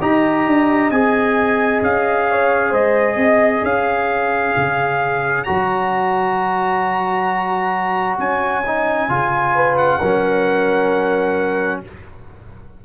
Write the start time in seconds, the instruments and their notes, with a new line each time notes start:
0.00 tuba D#4, trombone G4, horn D#5, trumpet A#5
0.47 tuba D4
0.91 tuba C4, trombone G#4, trumpet G#5
1.82 tuba C#4, trumpet F5
2.30 horn C#5
2.70 tuba G#3, horn C5, trumpet D#5
3.16 tuba C4, horn D#5
3.63 tuba C#4, horn C#5, trumpet F5
4.57 tuba C#3
5.44 tuba F#3, trombone F#4, trumpet A#5
8.19 tuba C#4, trumpet G#5
8.66 trombone D#4
9.09 tuba C#3, trombone F4
9.55 horn B4
9.77 trumpet F#5
9.99 tuba F#3, trombone C#4, horn A#4